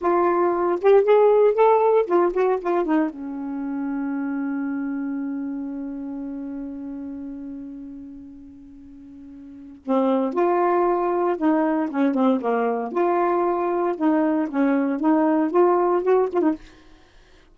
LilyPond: \new Staff \with { instrumentName = "saxophone" } { \time 4/4 \tempo 4 = 116 f'4. g'8 gis'4 a'4 | f'8 fis'8 f'8 dis'8 cis'2~ | cis'1~ | cis'1~ |
cis'2. c'4 | f'2 dis'4 cis'8 c'8 | ais4 f'2 dis'4 | cis'4 dis'4 f'4 fis'8 f'16 dis'16 | }